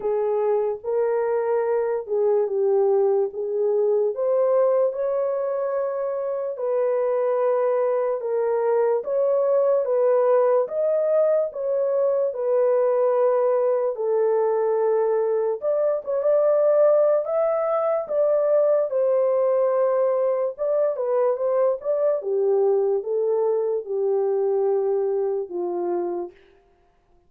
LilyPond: \new Staff \with { instrumentName = "horn" } { \time 4/4 \tempo 4 = 73 gis'4 ais'4. gis'8 g'4 | gis'4 c''4 cis''2 | b'2 ais'4 cis''4 | b'4 dis''4 cis''4 b'4~ |
b'4 a'2 d''8 cis''16 d''16~ | d''4 e''4 d''4 c''4~ | c''4 d''8 b'8 c''8 d''8 g'4 | a'4 g'2 f'4 | }